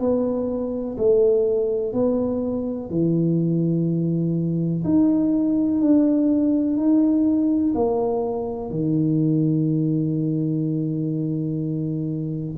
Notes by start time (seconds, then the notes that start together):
0.00 B3
0.98 A3
1.93 B3
2.90 E3
4.84 D#4
5.81 D4
6.77 D#4
7.75 A#3
8.71 D#3